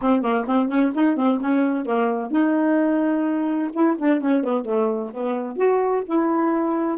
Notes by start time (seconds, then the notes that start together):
0.01 C4
0.22 A#3
0.47 C4
0.68 C#4
0.95 D#4
1.16 C4
1.40 C#4
1.85 A#3
2.31 D#4
3.73 E4
3.98 D4
4.20 C#4
4.43 B3
4.65 A3
5.13 B3
5.56 F#4
6.05 E4